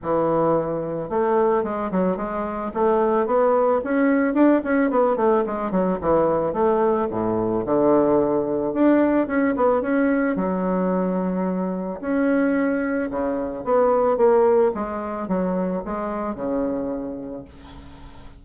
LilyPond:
\new Staff \with { instrumentName = "bassoon" } { \time 4/4 \tempo 4 = 110 e2 a4 gis8 fis8 | gis4 a4 b4 cis'4 | d'8 cis'8 b8 a8 gis8 fis8 e4 | a4 a,4 d2 |
d'4 cis'8 b8 cis'4 fis4~ | fis2 cis'2 | cis4 b4 ais4 gis4 | fis4 gis4 cis2 | }